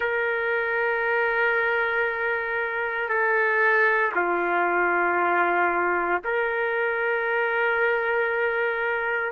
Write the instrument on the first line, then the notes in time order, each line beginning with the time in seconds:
trumpet
0.00 A#4
3.08 A4
4.15 F4
6.24 A#4